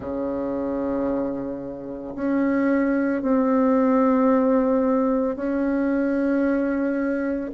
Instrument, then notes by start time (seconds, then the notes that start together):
bassoon
0.00 C#3
2.15 C#4
3.21 C4
5.36 C#4